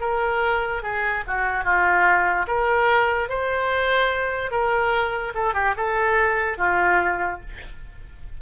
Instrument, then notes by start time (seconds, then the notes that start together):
oboe
0.00 A#4
0.83 G#4
1.27 F#4
1.64 F4
2.47 A#4
3.29 C5
4.51 A#4
5.35 A4
5.54 G4
5.76 A4
6.58 F4